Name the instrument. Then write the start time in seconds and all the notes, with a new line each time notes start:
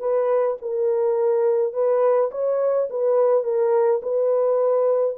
horn
0.00 B4
0.62 A#4
1.74 B4
2.32 C#5
2.91 B4
3.44 A#4
4.03 B4